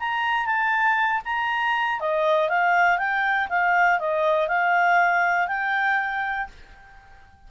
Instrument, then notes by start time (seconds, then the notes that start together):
clarinet
0.00 A#5
0.47 A5
1.25 A#5
2.00 D#5
2.50 F5
2.99 G5
3.50 F5
4.00 D#5
4.49 F5
5.48 G5